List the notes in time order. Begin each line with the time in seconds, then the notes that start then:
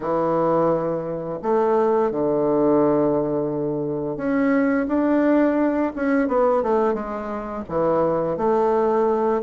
0.00 E3
1.42 A3
2.11 D3
4.16 C#4
4.87 D4
5.95 C#4
6.28 B3
6.62 A3
6.94 G#3
7.68 E3
8.37 A3